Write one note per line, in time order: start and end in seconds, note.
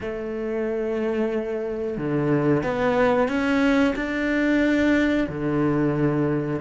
0.00 1.97 A3
1.97 2.63 D3
2.63 3.28 B3
3.28 3.94 C#4
3.95 5.27 D4
5.29 6.61 D3